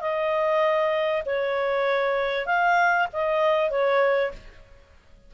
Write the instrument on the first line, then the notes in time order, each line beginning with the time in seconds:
clarinet
0.00 D#5
1.25 C#5
2.46 F5
3.13 D#5
3.70 C#5